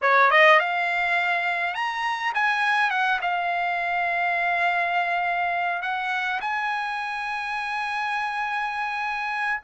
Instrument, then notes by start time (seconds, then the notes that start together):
trumpet
0.01 C#5
0.31 D#5
0.59 F5
1.74 A#5
2.34 G#5
2.90 F#5
3.21 F5
5.81 F#5
6.41 G#5